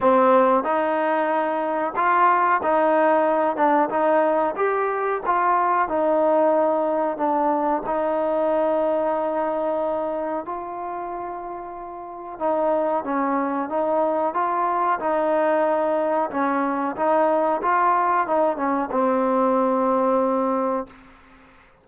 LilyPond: \new Staff \with { instrumentName = "trombone" } { \time 4/4 \tempo 4 = 92 c'4 dis'2 f'4 | dis'4. d'8 dis'4 g'4 | f'4 dis'2 d'4 | dis'1 |
f'2. dis'4 | cis'4 dis'4 f'4 dis'4~ | dis'4 cis'4 dis'4 f'4 | dis'8 cis'8 c'2. | }